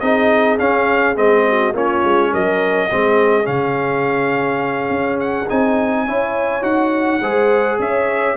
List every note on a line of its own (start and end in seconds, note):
0.00 0.59 C4
0.00 0.58 D#4
0.00 1.45 G#4
0.00 0.58 D#5
0.58 1.15 C#4
0.58 1.16 C#4
0.58 1.16 F5
1.15 1.74 G#3
1.15 1.73 C4
1.15 1.75 D#5
1.47 1.74 F#4
1.74 2.03 A#3
1.74 2.89 C#4
1.74 2.31 F4
1.74 2.34 C#5
2.04 2.33 G#3
2.31 2.90 F#3
2.31 2.88 A#4
2.31 3.46 D#5
2.91 3.47 G#3
2.91 3.43 C4
2.91 6.05 G#4
3.43 4.90 C#3
3.43 5.45 C#4
3.43 5.19 F5
4.90 5.47 C#4
5.19 5.48 F#5
5.49 6.07 C4
5.49 6.07 D#4
5.49 6.63 G#5
6.05 6.62 C#4
6.05 6.62 E4
6.05 7.21 C#5
6.62 7.19 D#4
6.62 7.19 F#4
6.62 7.78 F#5
7.21 7.79 G#3
7.21 8.36 G#4
7.21 7.78 C5
7.79 8.36 C#4
7.79 8.36 C#5
7.79 8.36 E5